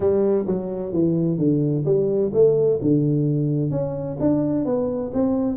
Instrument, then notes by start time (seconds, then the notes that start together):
tuba
0.00 G3
0.47 F#3
0.92 E3
1.38 D3
1.85 G3
2.33 A3
2.81 D3
3.70 C#4
4.20 D4
4.65 B3
5.13 C4